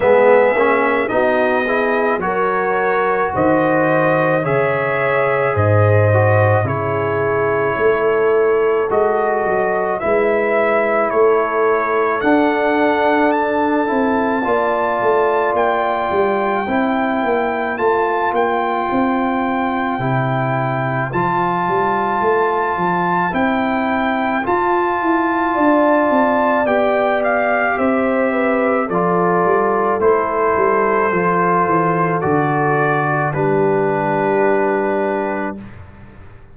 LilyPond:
<<
  \new Staff \with { instrumentName = "trumpet" } { \time 4/4 \tempo 4 = 54 e''4 dis''4 cis''4 dis''4 | e''4 dis''4 cis''2 | dis''4 e''4 cis''4 fis''4 | a''2 g''2 |
a''8 g''2~ g''8 a''4~ | a''4 g''4 a''2 | g''8 f''8 e''4 d''4 c''4~ | c''4 d''4 b'2 | }
  \new Staff \with { instrumentName = "horn" } { \time 4/4 gis'4 fis'8 gis'8 ais'4 c''4 | cis''4 c''4 gis'4 a'4~ | a'4 b'4 a'2~ | a'4 d''2 c''4~ |
c''1~ | c''2. d''4~ | d''4 c''8 b'8 a'2~ | a'2 g'2 | }
  \new Staff \with { instrumentName = "trombone" } { \time 4/4 b8 cis'8 dis'8 e'8 fis'2 | gis'4. fis'8 e'2 | fis'4 e'2 d'4~ | d'8 e'8 f'2 e'4 |
f'2 e'4 f'4~ | f'4 e'4 f'2 | g'2 f'4 e'4 | f'4 fis'4 d'2 | }
  \new Staff \with { instrumentName = "tuba" } { \time 4/4 gis8 ais8 b4 fis4 dis4 | cis4 gis,4 cis4 a4 | gis8 fis8 gis4 a4 d'4~ | d'8 c'8 ais8 a8 ais8 g8 c'8 ais8 |
a8 ais8 c'4 c4 f8 g8 | a8 f8 c'4 f'8 e'8 d'8 c'8 | b4 c'4 f8 g8 a8 g8 | f8 e8 d4 g2 | }
>>